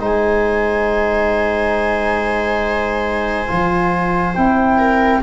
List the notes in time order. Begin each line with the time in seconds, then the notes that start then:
0.00 G#3 D#4 C5 G#5
3.47 F3 F4
4.35 C4 E4 G5
4.78 A#4